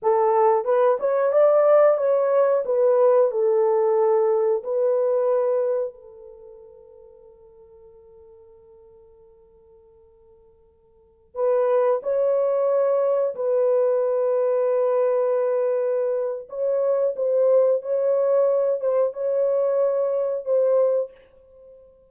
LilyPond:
\new Staff \with { instrumentName = "horn" } { \time 4/4 \tempo 4 = 91 a'4 b'8 cis''8 d''4 cis''4 | b'4 a'2 b'4~ | b'4 a'2.~ | a'1~ |
a'4~ a'16 b'4 cis''4.~ cis''16~ | cis''16 b'2.~ b'8.~ | b'4 cis''4 c''4 cis''4~ | cis''8 c''8 cis''2 c''4 | }